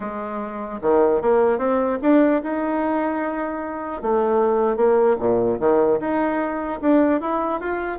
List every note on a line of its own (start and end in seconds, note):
0.00 0.79 G#3
0.81 1.21 D#3
1.21 1.58 A#3
1.58 1.98 C4
2.01 2.41 D4
2.42 4.02 D#4
4.02 4.76 A3
4.76 5.16 A#3
5.19 5.59 A#2
5.59 5.99 D#3
5.99 6.79 D#4
6.81 7.21 D4
7.21 7.60 E4
7.60 7.98 F4